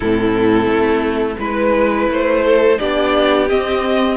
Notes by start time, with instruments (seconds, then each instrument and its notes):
0.00 cello A2, viola C4, violin E4 A4
0.66 cello A3
1.39 cello G#3, viola E4, violin B4
2.08 cello A3, violin C5
2.46 violin A4
2.78 cello B3, viola D4, violin G4 D5
3.48 viola C4, cello C4, violin D#5